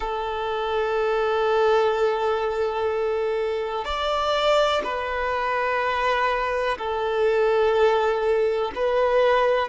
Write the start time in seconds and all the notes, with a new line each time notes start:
0.00 A4
3.84 D5
4.83 B4
6.77 A4
8.75 B4